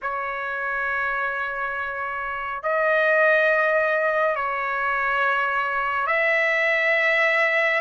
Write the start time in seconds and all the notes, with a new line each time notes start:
0.02 C#5
2.62 D#5
4.35 C#5
6.07 E5